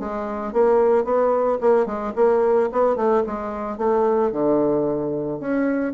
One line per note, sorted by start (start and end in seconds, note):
0.00 0.53 G#3
0.53 1.05 A#3
1.05 1.59 B3
1.61 1.86 A#3
1.86 2.13 G#3
2.16 2.70 A#3
2.72 2.97 B3
2.97 3.24 A3
3.27 3.78 G#3
3.78 4.32 A3
4.32 5.40 D3
5.41 5.94 C#4